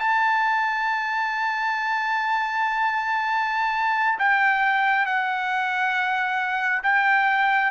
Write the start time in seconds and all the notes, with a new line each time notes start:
0.00 A5
4.19 G5
5.06 F#5
6.83 G5